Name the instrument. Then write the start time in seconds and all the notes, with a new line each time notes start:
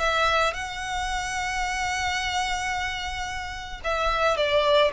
violin
0.00 E5
0.54 F#5
3.84 E5
4.37 D5